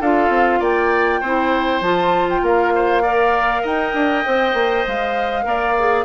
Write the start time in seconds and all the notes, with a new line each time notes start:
0.00 D4 F4 A4 F5
0.29 C4
0.59 A#3 D5 G5
1.20 C4 E4 C5
1.81 F3 F4 A5
2.29 G5
2.41 A#3 A#4 F5
2.75 C5
3.02 A#4 D5
3.62 D#4 D#5 G5
3.93 D4
4.25 C4 C5
4.53 A#3
4.87 G#3 F5
5.42 A#3 A#4 D5
5.78 G#4